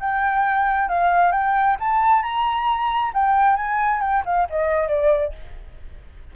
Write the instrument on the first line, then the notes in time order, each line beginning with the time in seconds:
flute
0.00 G5
0.89 F5
1.32 G5
1.80 A5
2.23 A#5
3.14 G5
3.57 G#5
4.01 G5
4.26 F5
4.50 D#5
4.88 D5